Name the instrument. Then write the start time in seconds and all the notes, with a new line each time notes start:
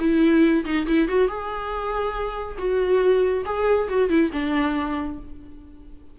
viola
0.00 E4
0.65 D#4
0.87 E4
1.09 F#4
1.28 G#4
2.59 F#4
3.46 G#4
3.89 F#4
4.09 E4
4.33 D4